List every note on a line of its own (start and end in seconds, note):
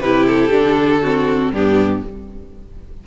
0.00 0.50 C3
0.00 0.51 E4
0.00 1.02 G4
0.00 0.26 B4
0.27 1.53 A4
0.51 1.51 D3
0.51 1.01 D4
1.02 1.55 C4
1.02 1.52 F#4
1.51 2.02 G2
1.51 2.07 B3
1.51 2.05 D4
1.51 2.04 G4